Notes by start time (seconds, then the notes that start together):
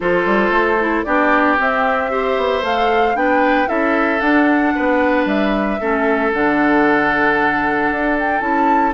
0.00 F3 F4 A4 C5
0.25 G3
0.50 A3
0.79 E4
1.04 B3 D4 G4 D5
1.57 C4 E5
2.09 G4 C5
2.37 B3
2.62 A3 A4 F5
3.14 B3 D4 B4 G5
3.66 C#4 E4 A4 E5
4.20 D4 F#5
4.75 B3 B4
5.25 G3 E5
5.80 A3 C#4 A4
6.32 D3 D4 F#5
7.90 D4
8.19 G5
8.40 C#4 E4 A5